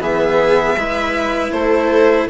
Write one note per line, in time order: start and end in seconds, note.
0.00 0.76 E3
0.00 0.76 B3
0.00 0.77 G#4
0.00 1.52 E5
0.76 1.52 G#3
0.76 2.30 E4
0.76 1.53 B4
1.52 2.28 A3
1.52 2.30 A4
1.52 2.28 C5